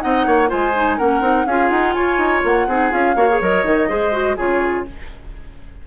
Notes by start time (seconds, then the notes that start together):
0.00 C4 D#4 D#5 F#5
0.27 A#3 C#5
0.48 G#3 F4 C5 G#5
0.76 D#4
0.98 A#3 C#4 A#4 F#5
1.21 C4 D#4
1.46 C#4 F4 G#4 F5
1.70 D#4 F#5
1.93 F4 C#5 G#5
2.18 D#4
2.44 A#3 F#5
2.67 C4 D#4 G#4
2.91 C#4 F4 F5
3.16 A#3 F#4 C#5
3.30 G#4
3.41 F#3 A#4 D#5
3.65 D#3 D#4
3.89 G#3 G#4 C5
4.12 F#4
4.37 C#3 F4 G#4 C#5